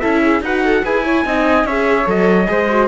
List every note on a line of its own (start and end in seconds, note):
0.00 0.41 C#4
0.00 0.43 E4
0.00 0.21 A4
0.00 0.41 E5
0.21 0.42 G#4
0.41 0.82 D#4
0.41 0.84 F#4
0.41 0.64 B4
0.41 0.85 F#5
0.64 0.83 A4
0.83 1.25 E4
0.83 1.04 G#4
0.83 1.04 B4
0.83 1.66 G#5
1.04 1.26 E4
1.04 1.25 C#5
1.25 1.64 C4
1.25 1.67 D#4
1.25 1.66 D#5
1.64 2.05 C#4
1.64 2.05 G#4
1.64 2.49 C#5
1.64 2.07 E5
2.05 2.47 F#3
2.05 2.45 A4
2.05 2.87 D#5
2.45 2.87 G#3
2.45 2.66 G#4
2.45 2.87 C5
2.69 2.87 F#4